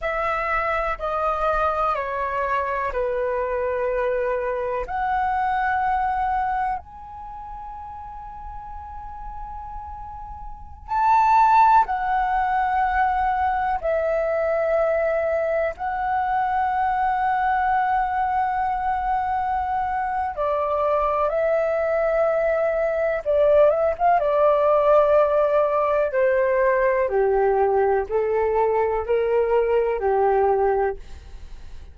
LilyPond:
\new Staff \with { instrumentName = "flute" } { \time 4/4 \tempo 4 = 62 e''4 dis''4 cis''4 b'4~ | b'4 fis''2 gis''4~ | gis''2.~ gis''16 a''8.~ | a''16 fis''2 e''4.~ e''16~ |
e''16 fis''2.~ fis''8.~ | fis''4 d''4 e''2 | d''8 e''16 f''16 d''2 c''4 | g'4 a'4 ais'4 g'4 | }